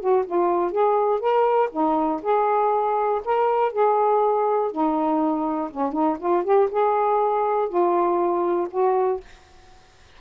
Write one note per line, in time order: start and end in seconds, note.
0.00 0.25 F#4
0.26 0.72 F4
0.72 1.20 G#4
1.20 1.70 A#4
1.72 2.22 D#4
2.22 3.22 G#4
3.25 3.73 A#4
3.73 4.72 G#4
4.72 5.71 D#4
5.71 5.93 C#4
5.93 6.17 D#4
6.19 6.44 F4
6.44 6.69 G4
6.71 7.69 G#4
7.69 8.68 F4
8.71 9.21 F#4